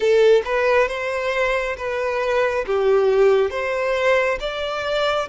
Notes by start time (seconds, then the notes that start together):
0.00 A4
0.45 B4
0.88 C5
1.76 B4
2.66 G4
3.50 C5
4.40 D5